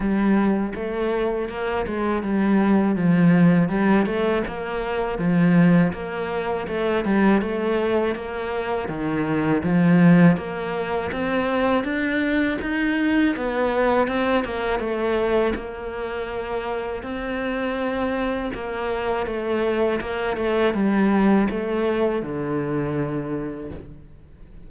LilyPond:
\new Staff \with { instrumentName = "cello" } { \time 4/4 \tempo 4 = 81 g4 a4 ais8 gis8 g4 | f4 g8 a8 ais4 f4 | ais4 a8 g8 a4 ais4 | dis4 f4 ais4 c'4 |
d'4 dis'4 b4 c'8 ais8 | a4 ais2 c'4~ | c'4 ais4 a4 ais8 a8 | g4 a4 d2 | }